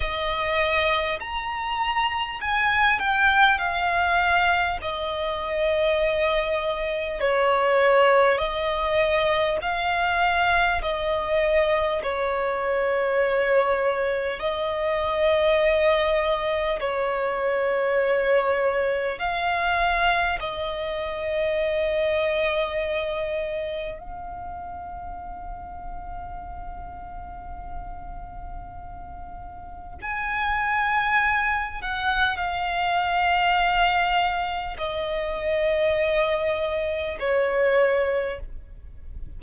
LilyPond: \new Staff \with { instrumentName = "violin" } { \time 4/4 \tempo 4 = 50 dis''4 ais''4 gis''8 g''8 f''4 | dis''2 cis''4 dis''4 | f''4 dis''4 cis''2 | dis''2 cis''2 |
f''4 dis''2. | f''1~ | f''4 gis''4. fis''8 f''4~ | f''4 dis''2 cis''4 | }